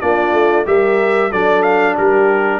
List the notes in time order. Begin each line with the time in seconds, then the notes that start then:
0.00 A#3 D4 F4 D5
0.33 A3
0.65 G3 G4 A#4 E5
1.30 F#3 D4 A4 D5
1.62 F5
1.96 G3 G4 A#4